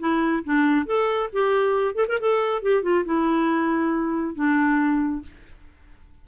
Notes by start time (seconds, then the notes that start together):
0.00 E4
0.45 D4
0.86 A4
1.33 G4
1.95 A4
2.09 A#4
2.21 A4
2.63 G4
2.83 F4
3.05 E4
4.35 D4